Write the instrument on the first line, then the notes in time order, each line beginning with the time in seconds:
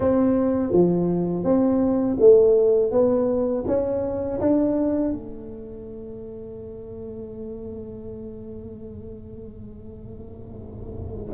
tuba
0.00 C4
0.72 F3
1.44 C4
2.19 A3
2.91 B3
3.67 C#4
4.40 D4
5.12 A3